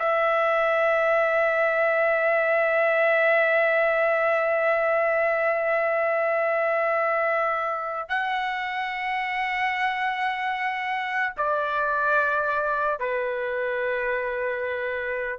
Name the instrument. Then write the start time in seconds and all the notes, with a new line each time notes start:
trumpet
0.00 E5
8.09 F#5
11.37 D5
13.00 B4